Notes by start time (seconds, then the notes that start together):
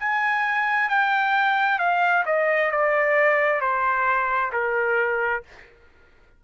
0.00 G#5
0.89 G5
1.79 F5
2.26 D#5
2.71 D5
3.61 C5
4.52 A#4